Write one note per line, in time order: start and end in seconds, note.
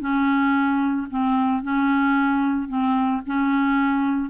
0.00 1.07 C#4
1.10 1.63 C4
1.63 2.68 C#4
2.68 3.22 C4
3.26 4.30 C#4